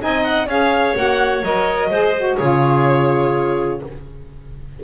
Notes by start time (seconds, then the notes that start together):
0.00 C4 D#4 D#5 G#5
0.24 F#5
0.47 C#4 G#4 C#5 F5
0.96 A#3 F#4 F#5
1.43 F#3 A#4 D#5
1.90 G#3 G#4 C5
2.18 F#4
2.37 C#3 F4 G#4 C#5